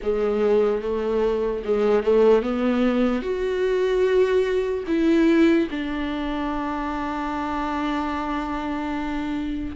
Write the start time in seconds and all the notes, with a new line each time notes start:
0.02 G#3
0.81 A3
1.64 G#3
2.03 A3
2.42 B3
3.21 F#4
4.86 E4
5.70 D4